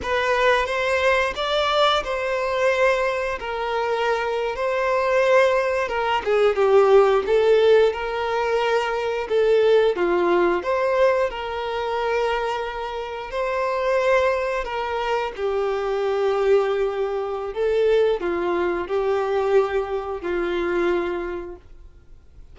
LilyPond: \new Staff \with { instrumentName = "violin" } { \time 4/4 \tempo 4 = 89 b'4 c''4 d''4 c''4~ | c''4 ais'4.~ ais'16 c''4~ c''16~ | c''8. ais'8 gis'8 g'4 a'4 ais'16~ | ais'4.~ ais'16 a'4 f'4 c''16~ |
c''8. ais'2. c''16~ | c''4.~ c''16 ais'4 g'4~ g'16~ | g'2 a'4 f'4 | g'2 f'2 | }